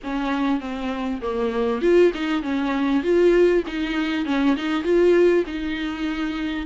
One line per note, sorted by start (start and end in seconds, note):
0.03 0.60 C#4
0.60 1.21 C4
1.21 1.81 A#3
1.81 2.12 F4
2.13 2.42 D#4
2.42 3.03 C#4
3.03 3.63 F4
3.66 4.25 D#4
4.25 4.56 C#4
4.56 4.83 D#4
4.83 5.44 F4
5.46 6.66 D#4